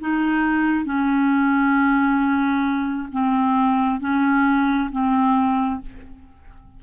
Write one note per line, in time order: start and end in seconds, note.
0.00 0.85 D#4
0.85 3.09 C#4
3.11 4.00 C4
4.00 4.90 C#4
4.91 5.81 C4